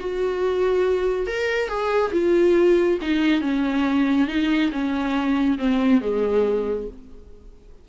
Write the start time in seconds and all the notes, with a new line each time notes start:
0.00 F#4
1.27 A#4
1.69 G#4
2.13 F4
3.02 D#4
3.41 C#4
4.28 D#4
4.72 C#4
5.59 C4
6.02 G#3